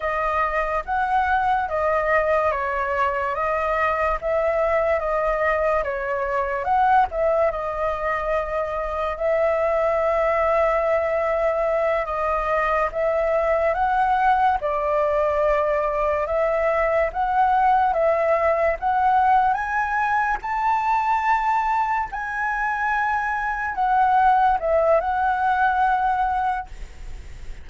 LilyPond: \new Staff \with { instrumentName = "flute" } { \time 4/4 \tempo 4 = 72 dis''4 fis''4 dis''4 cis''4 | dis''4 e''4 dis''4 cis''4 | fis''8 e''8 dis''2 e''4~ | e''2~ e''8 dis''4 e''8~ |
e''8 fis''4 d''2 e''8~ | e''8 fis''4 e''4 fis''4 gis''8~ | gis''8 a''2 gis''4.~ | gis''8 fis''4 e''8 fis''2 | }